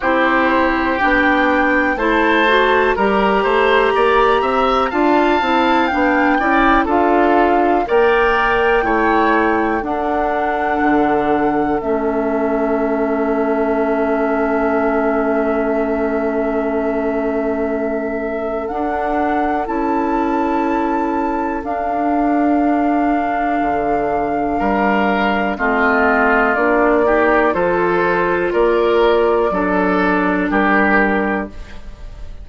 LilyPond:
<<
  \new Staff \with { instrumentName = "flute" } { \time 4/4 \tempo 4 = 61 c''4 g''4 a''4 ais''4~ | ais''4 a''4 g''4 f''4 | g''2 fis''2 | e''1~ |
e''2. fis''4 | a''2 f''2~ | f''2 dis''4 d''4 | c''4 d''2 ais'4 | }
  \new Staff \with { instrumentName = "oboe" } { \time 4/4 g'2 c''4 ais'8 c''8 | d''8 e''8 f''4. d''8 a'4 | d''4 cis''4 a'2~ | a'1~ |
a'1~ | a'1~ | a'4 ais'4 f'4. g'8 | a'4 ais'4 a'4 g'4 | }
  \new Staff \with { instrumentName = "clarinet" } { \time 4/4 e'4 d'4 e'8 fis'8 g'4~ | g'4 f'8 e'8 d'8 e'8 f'4 | ais'4 e'4 d'2 | cis'1~ |
cis'2. d'4 | e'2 d'2~ | d'2 c'4 d'8 dis'8 | f'2 d'2 | }
  \new Staff \with { instrumentName = "bassoon" } { \time 4/4 c'4 b4 a4 g8 a8 | ais8 c'8 d'8 c'8 b8 cis'8 d'4 | ais4 a4 d'4 d4 | a1~ |
a2. d'4 | cis'2 d'2 | d4 g4 a4 ais4 | f4 ais4 fis4 g4 | }
>>